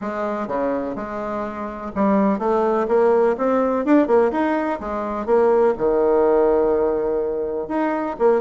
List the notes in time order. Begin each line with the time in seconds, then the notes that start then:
0.01 G#3
0.47 C#3
0.95 G#3
1.95 G3
2.38 A3
2.88 A#3
3.37 C4
3.85 D4
4.07 A#3
4.31 D#4
4.79 G#3
5.26 A#3
5.77 D#3
7.68 D#4
8.18 A#3